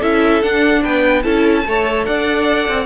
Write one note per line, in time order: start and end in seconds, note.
0.00 0.42 C#4
0.00 0.43 E4
0.00 0.82 A4
0.00 0.42 E5
0.42 1.23 D4
0.42 0.84 D4
0.42 0.83 F#5
0.82 1.25 B3
0.82 1.23 B4
0.82 1.23 G5
1.23 1.65 C#4
1.23 1.64 E4
1.23 1.64 A4
1.23 2.04 A5
1.65 2.07 A3
1.65 2.86 A4
1.65 2.07 C#5
2.05 2.68 D4
2.05 2.86 D5
2.05 2.86 F#5
2.68 2.86 C4